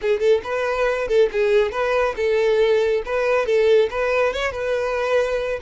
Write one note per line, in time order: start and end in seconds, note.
0.01 0.19 G#4
0.19 0.41 A4
0.43 1.08 B4
1.08 1.29 A4
1.31 1.71 G#4
1.71 2.14 B4
2.16 3.02 A4
3.05 3.46 B4
3.46 3.89 A4
3.90 4.33 B4
4.33 4.51 C#5
4.51 5.59 B4